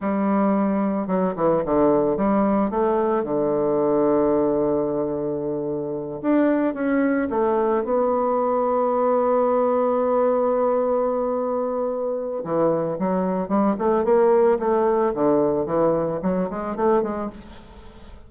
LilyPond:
\new Staff \with { instrumentName = "bassoon" } { \time 4/4 \tempo 4 = 111 g2 fis8 e8 d4 | g4 a4 d2~ | d2.~ d8 d'8~ | d'8 cis'4 a4 b4.~ |
b1~ | b2. e4 | fis4 g8 a8 ais4 a4 | d4 e4 fis8 gis8 a8 gis8 | }